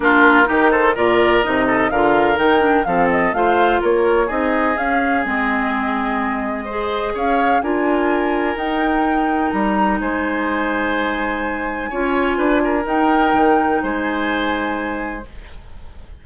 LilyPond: <<
  \new Staff \with { instrumentName = "flute" } { \time 4/4 \tempo 4 = 126 ais'4. c''8 d''4 dis''4 | f''4 g''4 f''8 dis''8 f''4 | cis''4 dis''4 f''4 dis''4~ | dis''2. f''4 |
gis''2 g''2 | ais''4 gis''2.~ | gis''2. g''4~ | g''4 gis''2. | }
  \new Staff \with { instrumentName = "oboe" } { \time 4/4 f'4 g'8 a'8 ais'4. a'8 | ais'2 a'4 c''4 | ais'4 gis'2.~ | gis'2 c''4 cis''4 |
ais'1~ | ais'4 c''2.~ | c''4 cis''4 b'8 ais'4.~ | ais'4 c''2. | }
  \new Staff \with { instrumentName = "clarinet" } { \time 4/4 d'4 dis'4 f'4 dis'4 | f'4 dis'8 d'8 c'4 f'4~ | f'4 dis'4 cis'4 c'4~ | c'2 gis'2 |
f'2 dis'2~ | dis'1~ | dis'4 f'2 dis'4~ | dis'1 | }
  \new Staff \with { instrumentName = "bassoon" } { \time 4/4 ais4 dis4 ais,4 c4 | d4 dis4 f4 a4 | ais4 c'4 cis'4 gis4~ | gis2. cis'4 |
d'2 dis'2 | g4 gis2.~ | gis4 cis'4 d'4 dis'4 | dis4 gis2. | }
>>